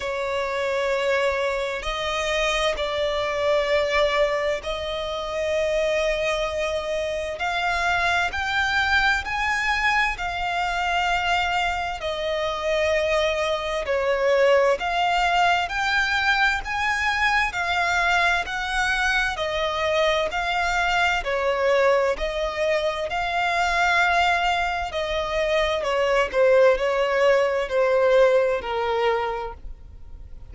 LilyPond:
\new Staff \with { instrumentName = "violin" } { \time 4/4 \tempo 4 = 65 cis''2 dis''4 d''4~ | d''4 dis''2. | f''4 g''4 gis''4 f''4~ | f''4 dis''2 cis''4 |
f''4 g''4 gis''4 f''4 | fis''4 dis''4 f''4 cis''4 | dis''4 f''2 dis''4 | cis''8 c''8 cis''4 c''4 ais'4 | }